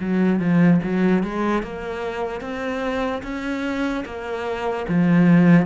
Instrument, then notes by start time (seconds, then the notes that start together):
cello
0.00 F#3
0.40 F3
0.83 F#3
1.23 G#3
1.63 A#3
2.41 C4
3.23 C#4
4.05 A#3
4.88 F3